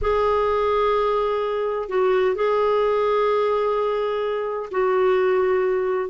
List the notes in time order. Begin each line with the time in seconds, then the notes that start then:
0.01 G#4
1.89 F#4
2.35 G#4
4.71 F#4